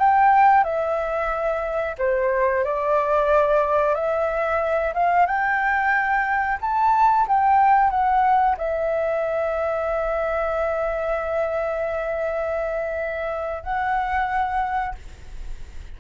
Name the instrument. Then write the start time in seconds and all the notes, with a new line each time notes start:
flute
0.00 G5
0.64 E5
1.99 C5
2.65 D5
3.95 E5
4.94 F5
5.27 G5
6.61 A5
7.28 G5
7.91 F#5
8.58 E5
13.63 F#5